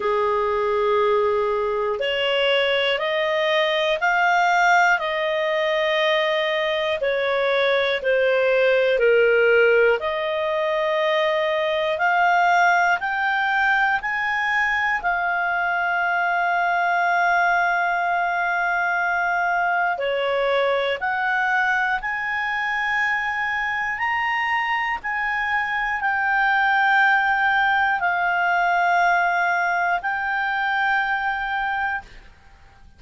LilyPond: \new Staff \with { instrumentName = "clarinet" } { \time 4/4 \tempo 4 = 60 gis'2 cis''4 dis''4 | f''4 dis''2 cis''4 | c''4 ais'4 dis''2 | f''4 g''4 gis''4 f''4~ |
f''1 | cis''4 fis''4 gis''2 | ais''4 gis''4 g''2 | f''2 g''2 | }